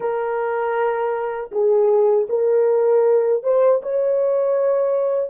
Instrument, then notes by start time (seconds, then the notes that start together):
horn
0.00 A#4
1.51 G#4
2.29 A#4
3.43 C5
3.82 C#5